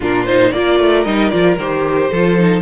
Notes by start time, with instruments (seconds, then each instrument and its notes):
0.00 cello A#2, viola D4, violin F4 A#4
0.25 viola D#4, violin C5
0.51 cello A#3, viola F4, violin A#4 D5
0.79 cello A3
1.04 cello G3, viola D#4, violin D#5
1.29 cello F3, viola F4, violin D5
1.57 cello D#3, viola G4, violin C5
2.09 cello F3, viola F4, violin A4
2.38 viola D#4